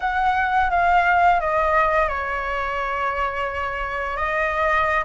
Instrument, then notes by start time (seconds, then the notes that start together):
flute
0.00 F#5
0.70 F5
1.40 D#5
2.08 C#5
4.16 D#5